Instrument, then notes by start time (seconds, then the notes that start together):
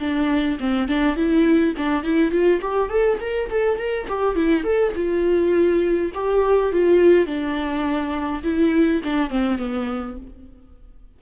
viola
0.00 D4
0.60 C4
0.88 D4
1.16 E4
1.77 D4
2.03 E4
2.31 F4
2.61 G4
2.89 A4
3.20 A#4
3.50 A4
3.78 A#4
4.08 G4
4.35 E4
4.64 A4
4.95 F4
6.14 G4
6.72 F4
7.26 D4
8.43 E4
9.04 D4
9.30 C4
9.58 B3